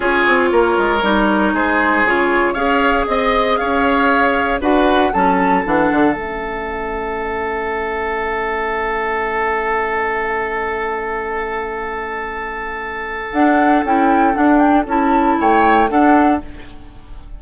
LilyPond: <<
  \new Staff \with { instrumentName = "flute" } { \time 4/4 \tempo 4 = 117 cis''2. c''4 | cis''4 f''4 dis''4 f''4~ | f''4 fis''4 a''4 fis''4 | e''1~ |
e''1~ | e''1~ | e''2 fis''4 g''4 | fis''8 g''8 a''4 g''4 fis''4 | }
  \new Staff \with { instrumentName = "oboe" } { \time 4/4 gis'4 ais'2 gis'4~ | gis'4 cis''4 dis''4 cis''4~ | cis''4 b'4 a'2~ | a'1~ |
a'1~ | a'1~ | a'1~ | a'2 cis''4 a'4 | }
  \new Staff \with { instrumentName = "clarinet" } { \time 4/4 f'2 dis'2 | f'4 gis'2.~ | gis'4 fis'4 cis'4 d'4 | cis'1~ |
cis'1~ | cis'1~ | cis'2 d'4 e'4 | d'4 e'2 d'4 | }
  \new Staff \with { instrumentName = "bassoon" } { \time 4/4 cis'8 c'8 ais8 gis8 g4 gis4 | cis4 cis'4 c'4 cis'4~ | cis'4 d'4 fis4 e8 d8 | a1~ |
a1~ | a1~ | a2 d'4 cis'4 | d'4 cis'4 a4 d'4 | }
>>